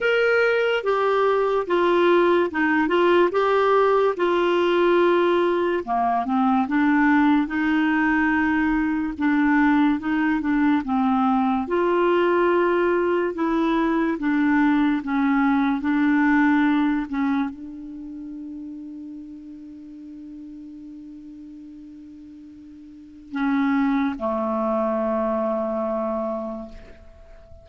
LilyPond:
\new Staff \with { instrumentName = "clarinet" } { \time 4/4 \tempo 4 = 72 ais'4 g'4 f'4 dis'8 f'8 | g'4 f'2 ais8 c'8 | d'4 dis'2 d'4 | dis'8 d'8 c'4 f'2 |
e'4 d'4 cis'4 d'4~ | d'8 cis'8 d'2.~ | d'1 | cis'4 a2. | }